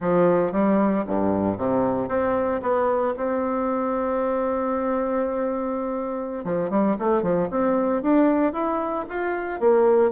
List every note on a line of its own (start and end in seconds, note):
0.00 0.51 F3
0.51 1.04 G3
1.06 1.57 G2
1.57 2.08 C3
2.08 2.61 C4
2.61 3.14 B3
3.16 6.44 C4
6.44 6.70 F3
6.70 6.96 G3
6.98 7.22 A3
7.22 7.48 F3
7.50 8.02 C4
8.02 8.53 D4
8.53 9.05 E4
9.09 9.60 F4
9.60 10.11 A#3